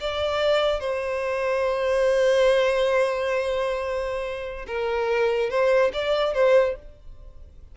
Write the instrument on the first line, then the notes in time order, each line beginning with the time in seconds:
violin
0.00 D5
0.80 C5
4.66 A#4
5.50 C5
5.93 D5
6.34 C5